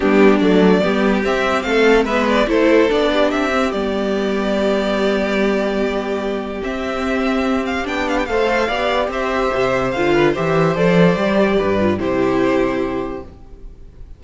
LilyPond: <<
  \new Staff \with { instrumentName = "violin" } { \time 4/4 \tempo 4 = 145 g'4 d''2 e''4 | f''4 e''8 d''8 c''4 d''4 | e''4 d''2.~ | d''1 |
e''2~ e''8 f''8 g''8 f''16 g''16 | f''2 e''2 | f''4 e''4 d''2~ | d''4 c''2. | }
  \new Staff \with { instrumentName = "violin" } { \time 4/4 d'2 g'2 | a'4 b'4 a'4. g'8~ | g'1~ | g'1~ |
g'1 | c''4 d''4 c''2~ | c''8 b'8 c''2. | b'4 g'2. | }
  \new Staff \with { instrumentName = "viola" } { \time 4/4 b4 a4 b4 c'4~ | c'4 b4 e'4 d'4~ | d'8 c'8 b2.~ | b1 |
c'2. d'4 | a'4 g'2. | f'4 g'4 a'4 g'4~ | g'8 f'8 e'2. | }
  \new Staff \with { instrumentName = "cello" } { \time 4/4 g4 fis4 g4 c'4 | a4 gis4 a4 b4 | c'4 g2.~ | g1 |
c'2. b4 | a4 b4 c'4 c4 | d4 e4 f4 g4 | g,4 c2. | }
>>